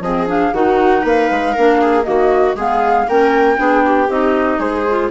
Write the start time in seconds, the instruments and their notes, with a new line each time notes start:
0.00 bassoon F3, clarinet C4, viola G#4, flute D#5
0.27 clarinet D4, flute F5
0.52 bassoon D#3, clarinet D#4, viola F#4, flute F#5
1.02 bassoon A#3, viola B4, flute F5
1.30 bassoon G#3
1.53 bassoon A#3, clarinet D4, viola A#4
1.81 viola G#4
2.03 bassoon D#3, clarinet A#3, viola F#4, flute D#5
2.55 bassoon G#3, clarinet B3, viola G#4, flute F5
3.08 bassoon A#3, clarinet C#4, viola A#4, flute G5
3.56 bassoon B3, clarinet D4, viola G#4
3.85 viola G4
4.08 bassoon C4, clarinet D#4, flute D#5
4.59 bassoon G#3, viola G#4, flute C5
4.89 clarinet F4